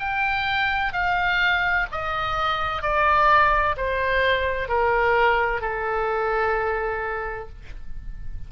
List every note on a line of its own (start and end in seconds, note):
0.00 0.93 G5
0.93 1.87 F5
1.92 2.83 D#5
2.83 3.76 D5
3.78 4.69 C5
4.69 5.62 A#4
5.62 7.49 A4